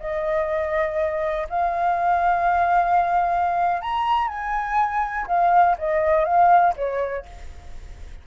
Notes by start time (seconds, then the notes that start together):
0.00 D#5
1.49 F5
3.81 A#5
4.28 G#5
5.27 F5
5.78 D#5
6.25 F5
6.76 C#5